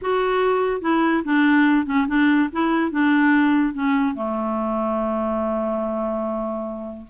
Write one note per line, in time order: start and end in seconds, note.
0.01 0.81 F#4
0.81 1.23 E4
1.24 1.85 D4
1.85 2.06 C#4
2.07 2.49 D4
2.52 2.91 E4
2.91 3.73 D4
3.73 4.15 C#4
4.15 7.06 A3